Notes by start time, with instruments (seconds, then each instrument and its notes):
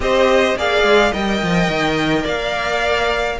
0.00 cello C4, viola G4, violin C5 D#5
0.56 cello A#3, viola G#4, violin D5 F5
0.83 cello G#3
1.12 cello G3, viola A#4, violin D#5 G5
1.43 cello F3
1.67 cello D#3
2.23 cello A#3, violin D5 F5